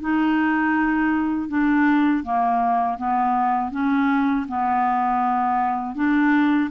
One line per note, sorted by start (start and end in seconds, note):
0.00 1.48 D#4
1.48 2.23 D4
2.23 2.97 A#3
2.97 3.71 B3
3.71 4.46 C#4
4.48 5.95 B3
5.95 6.70 D4